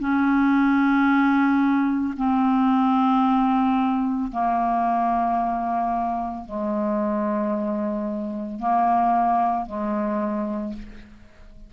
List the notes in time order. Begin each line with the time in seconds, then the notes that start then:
0.00 C#4
2.17 C4
4.32 A#3
6.46 G#3
8.60 A#3
9.66 G#3